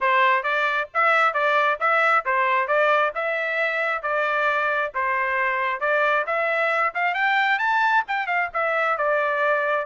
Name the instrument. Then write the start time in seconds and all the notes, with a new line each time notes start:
trumpet
0.01 C5
0.43 D5
0.94 E5
1.33 D5
1.80 E5
2.25 C5
2.67 D5
3.14 E5
4.02 D5
4.94 C5
5.80 D5
6.26 E5
6.94 F5
7.14 G5
7.59 A5
8.07 G5
8.26 F5
8.53 E5
8.97 D5